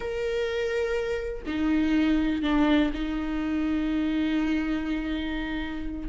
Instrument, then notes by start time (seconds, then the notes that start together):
viola
0.00 A#4
1.46 D#4
2.42 D4
2.93 D#4